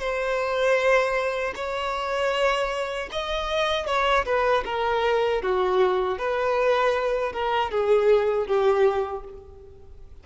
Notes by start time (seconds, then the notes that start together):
0.00 C5
1.56 C#5
3.12 D#5
3.87 C#5
4.26 B4
4.65 A#4
5.42 F#4
6.19 B4
7.33 A#4
7.71 G#4
8.47 G4